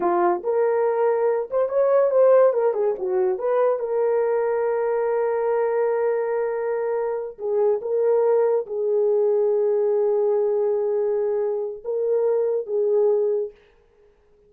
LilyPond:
\new Staff \with { instrumentName = "horn" } { \time 4/4 \tempo 4 = 142 f'4 ais'2~ ais'8 c''8 | cis''4 c''4 ais'8 gis'8 fis'4 | b'4 ais'2.~ | ais'1~ |
ais'4. gis'4 ais'4.~ | ais'8 gis'2.~ gis'8~ | gis'1 | ais'2 gis'2 | }